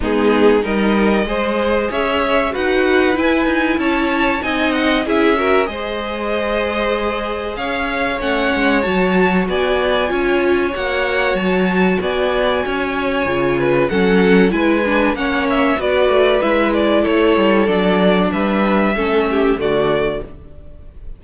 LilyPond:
<<
  \new Staff \with { instrumentName = "violin" } { \time 4/4 \tempo 4 = 95 gis'4 dis''2 e''4 | fis''4 gis''4 a''4 gis''8 fis''8 | e''4 dis''2. | f''4 fis''4 a''4 gis''4~ |
gis''4 fis''4 a''4 gis''4~ | gis''2 fis''4 gis''4 | fis''8 e''8 d''4 e''8 d''8 cis''4 | d''4 e''2 d''4 | }
  \new Staff \with { instrumentName = "violin" } { \time 4/4 dis'4 ais'4 c''4 cis''4 | b'2 cis''4 dis''4 | gis'8 ais'8 c''2. | cis''2. d''4 |
cis''2. d''4 | cis''4. b'8 a'4 b'4 | cis''4 b'2 a'4~ | a'4 b'4 a'8 g'8 fis'4 | }
  \new Staff \with { instrumentName = "viola" } { \time 4/4 b4 dis'4 gis'2 | fis'4 e'2 dis'4 | e'8 fis'8 gis'2.~ | gis'4 cis'4 fis'2 |
f'4 fis'2.~ | fis'4 f'4 cis'4 e'8 d'8 | cis'4 fis'4 e'2 | d'2 cis'4 a4 | }
  \new Staff \with { instrumentName = "cello" } { \time 4/4 gis4 g4 gis4 cis'4 | dis'4 e'8 dis'8 cis'4 c'4 | cis'4 gis2. | cis'4 a8 gis8 fis4 b4 |
cis'4 ais4 fis4 b4 | cis'4 cis4 fis4 gis4 | ais4 b8 a8 gis4 a8 g8 | fis4 g4 a4 d4 | }
>>